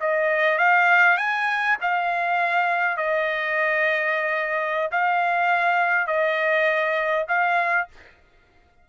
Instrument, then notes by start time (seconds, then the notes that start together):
trumpet
0.00 D#5
0.58 F5
1.17 G#5
1.81 F5
2.97 D#5
4.91 F5
6.07 D#5
7.28 F5